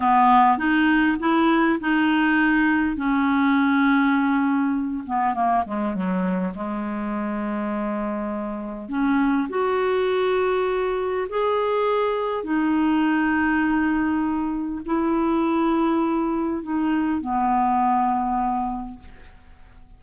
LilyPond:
\new Staff \with { instrumentName = "clarinet" } { \time 4/4 \tempo 4 = 101 b4 dis'4 e'4 dis'4~ | dis'4 cis'2.~ | cis'8 b8 ais8 gis8 fis4 gis4~ | gis2. cis'4 |
fis'2. gis'4~ | gis'4 dis'2.~ | dis'4 e'2. | dis'4 b2. | }